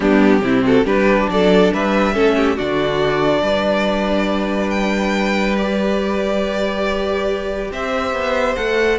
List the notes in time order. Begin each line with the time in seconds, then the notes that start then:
0.00 G3 B3 D4 G4
0.41 C3 C4 E4
0.64 F#4 A4
0.84 G3 D4 G4 B4
1.29 F#3 A4 D5
1.73 G3 B4 E5
2.13 A3 C#4 A4
2.36 G4
2.56 D3 D4 F#4 D5
3.41 G3 B4
4.70 G5
5.57 G4 D5
7.71 C4 C5 E5
8.12 B3
8.55 A3 A4 F#5